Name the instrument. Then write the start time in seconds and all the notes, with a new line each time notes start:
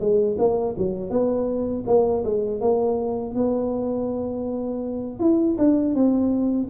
tuba
0.00 G#3
0.39 A#3
0.78 F#3
1.10 B3
1.87 A#3
2.25 G#3
2.61 A#3
3.35 B3
5.20 E4
5.59 D4
5.95 C4